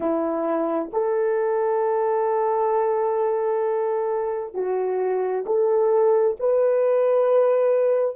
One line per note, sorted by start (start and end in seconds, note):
0.00 0.90 E4
0.92 4.54 A4
4.54 5.45 F#4
5.45 6.36 A4
6.39 8.15 B4